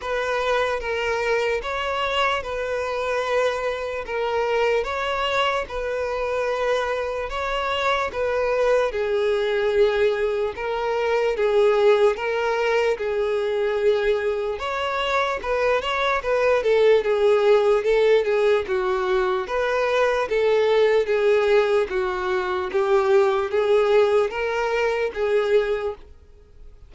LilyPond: \new Staff \with { instrumentName = "violin" } { \time 4/4 \tempo 4 = 74 b'4 ais'4 cis''4 b'4~ | b'4 ais'4 cis''4 b'4~ | b'4 cis''4 b'4 gis'4~ | gis'4 ais'4 gis'4 ais'4 |
gis'2 cis''4 b'8 cis''8 | b'8 a'8 gis'4 a'8 gis'8 fis'4 | b'4 a'4 gis'4 fis'4 | g'4 gis'4 ais'4 gis'4 | }